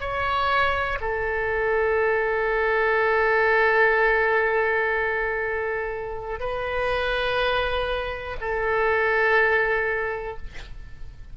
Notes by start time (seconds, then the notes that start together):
0.00 C#5
1.01 A4
6.40 B4
8.41 A4